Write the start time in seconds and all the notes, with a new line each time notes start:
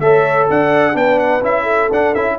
0.00 A3 A4 C#5 E5
0.50 D4 D5 F#5
0.94 B3 D4 B4 G5
1.19 F#5
1.42 C#4 E4 E5
1.63 A4
1.91 D4 F#5
2.15 C#4 E4 E5